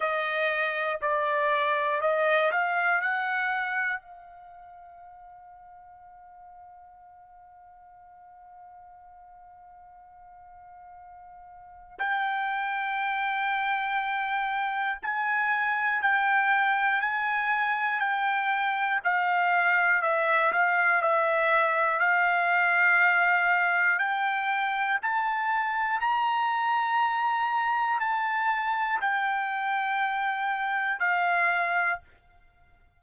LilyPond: \new Staff \with { instrumentName = "trumpet" } { \time 4/4 \tempo 4 = 60 dis''4 d''4 dis''8 f''8 fis''4 | f''1~ | f''1 | g''2. gis''4 |
g''4 gis''4 g''4 f''4 | e''8 f''8 e''4 f''2 | g''4 a''4 ais''2 | a''4 g''2 f''4 | }